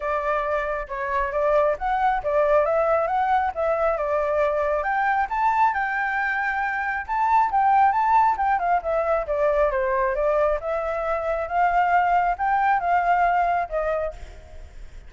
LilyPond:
\new Staff \with { instrumentName = "flute" } { \time 4/4 \tempo 4 = 136 d''2 cis''4 d''4 | fis''4 d''4 e''4 fis''4 | e''4 d''2 g''4 | a''4 g''2. |
a''4 g''4 a''4 g''8 f''8 | e''4 d''4 c''4 d''4 | e''2 f''2 | g''4 f''2 dis''4 | }